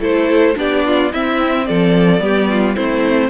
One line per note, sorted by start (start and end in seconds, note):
0.00 0.55 A3
0.00 0.56 E4
0.00 0.56 A4
0.00 0.58 C5
0.56 1.13 B3
0.56 1.11 D4
0.56 0.86 G4
0.56 1.13 D5
0.86 1.13 F4
1.13 2.20 C4
1.13 1.69 C4
1.13 1.68 E4
1.13 1.67 E5
1.67 2.21 F3
1.67 2.23 A4
1.67 2.76 D5
2.20 2.76 G3
2.20 2.75 B3
2.20 2.51 G4
2.51 2.76 F4
2.76 3.30 A3
2.76 3.30 C4
2.76 3.30 E4
2.76 3.30 C5